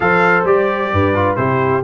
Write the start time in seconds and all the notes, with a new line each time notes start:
0.00 F3 A4 C5 F5
0.44 G3 G4 D5
0.92 G2 B4
1.15 F4
1.35 C3 E4 G4 C5